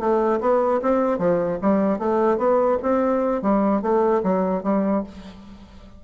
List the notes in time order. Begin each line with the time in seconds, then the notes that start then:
0.00 A3
0.41 B3
0.82 C4
1.19 F3
1.62 G3
1.99 A3
2.38 B3
2.83 C4
3.42 G3
3.82 A3
4.24 F#3
4.64 G3